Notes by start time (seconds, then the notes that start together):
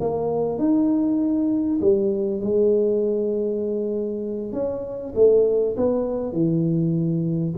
0.00 A#3
0.59 D#4
1.81 G3
2.41 G#3
4.53 C#4
5.15 A3
5.77 B3
6.33 E3